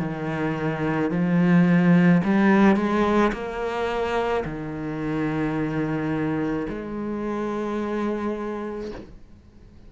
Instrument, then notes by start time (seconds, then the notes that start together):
cello
0.00 D#3
1.11 F3
2.25 G3
2.77 G#3
3.33 A#3
4.45 D#3
6.70 G#3